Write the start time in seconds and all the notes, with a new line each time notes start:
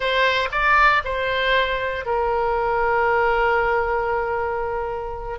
0.00 C5
0.51 D5
1.04 C5
2.05 A#4